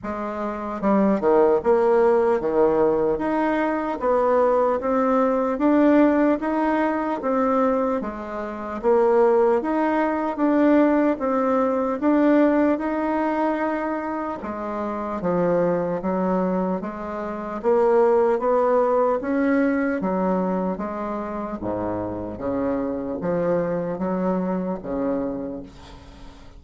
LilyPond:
\new Staff \with { instrumentName = "bassoon" } { \time 4/4 \tempo 4 = 75 gis4 g8 dis8 ais4 dis4 | dis'4 b4 c'4 d'4 | dis'4 c'4 gis4 ais4 | dis'4 d'4 c'4 d'4 |
dis'2 gis4 f4 | fis4 gis4 ais4 b4 | cis'4 fis4 gis4 gis,4 | cis4 f4 fis4 cis4 | }